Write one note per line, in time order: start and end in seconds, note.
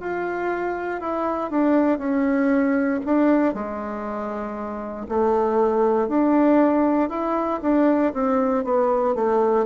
0.00 1.01 F4
1.01 1.51 E4
1.51 1.99 D4
1.99 3.00 C#4
3.06 3.55 D4
3.55 5.07 G#3
5.09 6.08 A3
6.08 7.10 D4
7.10 7.60 E4
7.62 8.13 D4
8.14 8.64 C4
8.64 9.15 B3
9.15 9.66 A3